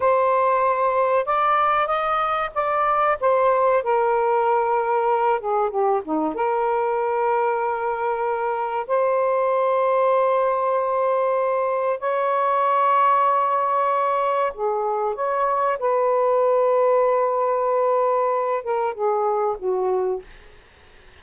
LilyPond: \new Staff \with { instrumentName = "saxophone" } { \time 4/4 \tempo 4 = 95 c''2 d''4 dis''4 | d''4 c''4 ais'2~ | ais'8 gis'8 g'8 dis'8 ais'2~ | ais'2 c''2~ |
c''2. cis''4~ | cis''2. gis'4 | cis''4 b'2.~ | b'4. ais'8 gis'4 fis'4 | }